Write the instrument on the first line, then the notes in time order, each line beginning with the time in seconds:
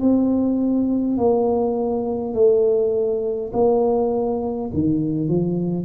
tuba
0.00 C4
1.18 A#3
2.34 A3
3.53 A#3
4.74 D#3
5.29 F3